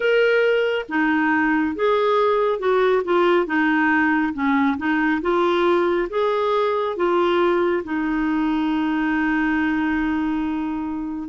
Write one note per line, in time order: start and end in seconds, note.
0.00 0.85 A#4
0.89 1.75 D#4
1.75 2.59 G#4
2.59 3.02 F#4
3.04 3.46 F4
3.46 4.33 D#4
4.33 4.77 C#4
4.77 5.21 D#4
5.21 6.08 F4
6.09 6.96 G#4
6.96 7.83 F4
7.84 11.29 D#4